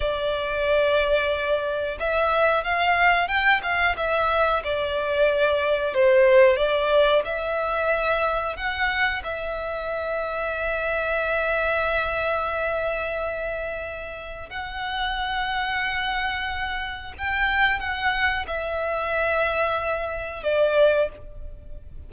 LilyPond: \new Staff \with { instrumentName = "violin" } { \time 4/4 \tempo 4 = 91 d''2. e''4 | f''4 g''8 f''8 e''4 d''4~ | d''4 c''4 d''4 e''4~ | e''4 fis''4 e''2~ |
e''1~ | e''2 fis''2~ | fis''2 g''4 fis''4 | e''2. d''4 | }